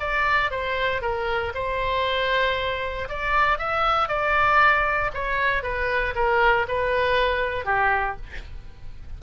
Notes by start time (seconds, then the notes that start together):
0.00 D5
0.51 C5
1.02 A#4
1.55 C5
3.09 D5
3.58 E5
4.08 D5
5.14 C#5
5.63 B4
6.15 A#4
6.68 B4
7.65 G4